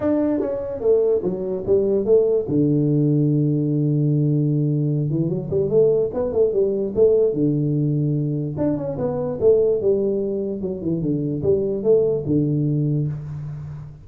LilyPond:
\new Staff \with { instrumentName = "tuba" } { \time 4/4 \tempo 4 = 147 d'4 cis'4 a4 fis4 | g4 a4 d2~ | d1~ | d8 e8 fis8 g8 a4 b8 a8 |
g4 a4 d2~ | d4 d'8 cis'8 b4 a4 | g2 fis8 e8 d4 | g4 a4 d2 | }